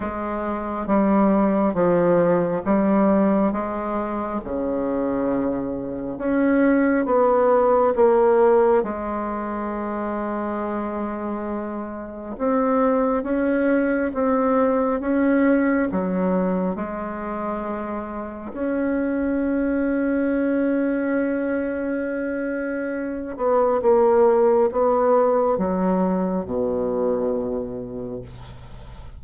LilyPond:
\new Staff \with { instrumentName = "bassoon" } { \time 4/4 \tempo 4 = 68 gis4 g4 f4 g4 | gis4 cis2 cis'4 | b4 ais4 gis2~ | gis2 c'4 cis'4 |
c'4 cis'4 fis4 gis4~ | gis4 cis'2.~ | cis'2~ cis'8 b8 ais4 | b4 fis4 b,2 | }